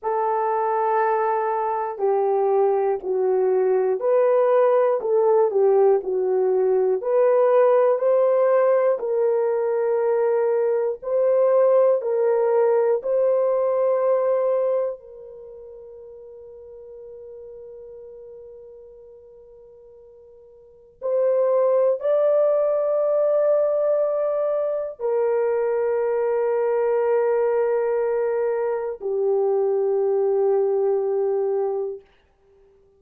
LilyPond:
\new Staff \with { instrumentName = "horn" } { \time 4/4 \tempo 4 = 60 a'2 g'4 fis'4 | b'4 a'8 g'8 fis'4 b'4 | c''4 ais'2 c''4 | ais'4 c''2 ais'4~ |
ais'1~ | ais'4 c''4 d''2~ | d''4 ais'2.~ | ais'4 g'2. | }